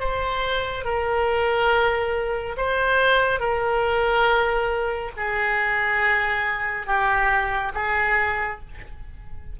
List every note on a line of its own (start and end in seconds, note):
0.00 0.85 C5
0.85 2.56 A#4
2.57 3.40 C5
3.40 5.11 A#4
5.17 6.87 G#4
6.87 7.73 G4
7.74 8.60 G#4